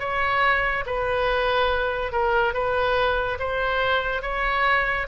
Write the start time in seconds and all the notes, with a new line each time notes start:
0.00 C#5
0.86 B4
2.12 A#4
2.54 B4
3.40 C5
4.23 C#5